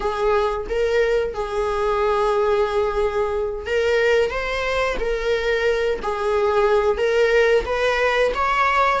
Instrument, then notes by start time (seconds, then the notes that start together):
viola
0.00 G#4
0.69 A#4
1.33 G#4
3.66 A#4
4.30 C5
4.99 A#4
6.02 G#4
6.97 A#4
7.65 B4
8.34 C#5